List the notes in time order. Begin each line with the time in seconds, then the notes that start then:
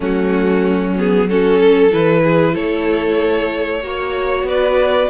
0.00 F#3 A3 C#4 F#4
0.97 B3 G#4
1.29 C#4 F#4 A4
1.58 A4
1.90 E3 E4 B4
2.23 G#4
2.54 A3 A4 C#5
3.82 A#3 F#4 C#5
4.43 B3 B4 D5